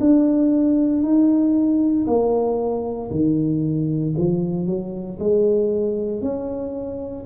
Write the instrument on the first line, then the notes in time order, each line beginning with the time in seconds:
tuba
0.00 D4
1.03 D#4
2.07 A#3
3.11 D#3
4.18 F3
4.67 F#3
5.20 G#3
6.22 C#4